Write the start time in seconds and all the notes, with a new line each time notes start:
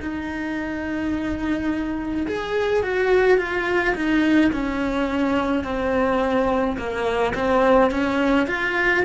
0.00 D#4
2.27 G#4
2.83 F#4
3.38 F4
3.95 D#4
4.52 C#4
5.64 C4
6.77 A#3
7.34 C4
7.91 C#4
8.47 F4